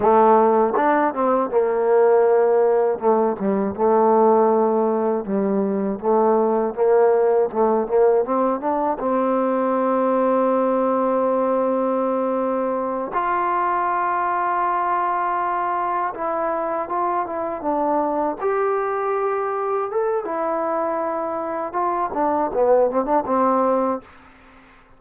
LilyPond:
\new Staff \with { instrumentName = "trombone" } { \time 4/4 \tempo 4 = 80 a4 d'8 c'8 ais2 | a8 g8 a2 g4 | a4 ais4 a8 ais8 c'8 d'8 | c'1~ |
c'4. f'2~ f'8~ | f'4. e'4 f'8 e'8 d'8~ | d'8 g'2 a'8 e'4~ | e'4 f'8 d'8 b8 c'16 d'16 c'4 | }